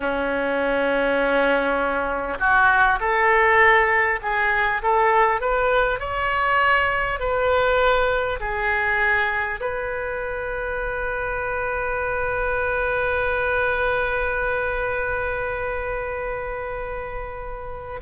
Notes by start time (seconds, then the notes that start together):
0.00 C#4
2.39 F#4
3.00 A4
4.22 G#4
4.82 A4
5.40 B4
5.99 C#5
7.19 B4
8.40 G#4
9.60 B4